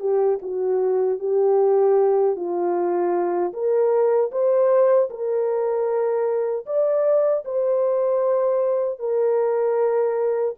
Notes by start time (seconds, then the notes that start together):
0.00 G4
0.42 F#4
1.19 G4
2.36 F4
3.53 A#4
4.31 C5
5.10 A#4
6.66 D5
7.45 C5
8.99 A#4